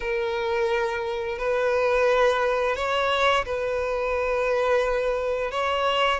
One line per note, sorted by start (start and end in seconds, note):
0.00 1.38 A#4
1.38 2.76 B4
2.76 3.45 C#5
3.45 5.51 B4
5.51 6.20 C#5